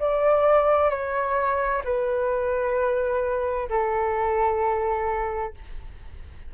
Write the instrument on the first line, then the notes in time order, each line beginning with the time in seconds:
flute
0.00 D5
0.90 C#5
1.85 B4
3.70 A4